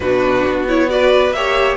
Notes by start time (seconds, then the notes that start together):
0.00 B2 D4 F#4 B4
0.47 B3
0.67 E4 C#5
0.88 F#4 B4 D5
1.31 A#3 G4 C#5 E5